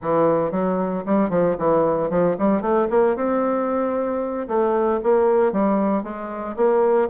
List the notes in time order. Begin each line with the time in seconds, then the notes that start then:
0.02 E3
0.51 F#3
1.05 G3
1.29 F3
1.58 E3
2.10 F3
2.38 G3
2.61 A3
2.89 A#3
3.16 C4
4.47 A3
5.03 A#3
5.52 G3
6.03 G#3
6.56 A#3